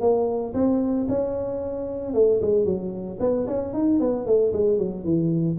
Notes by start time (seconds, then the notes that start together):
0.00 A#3
0.54 C4
1.09 C#4
2.14 A3
2.41 G#3
2.65 F#3
3.20 B3
3.47 C#4
3.73 D#4
4.00 B3
4.26 A3
4.53 G#3
4.78 F#3
5.04 E3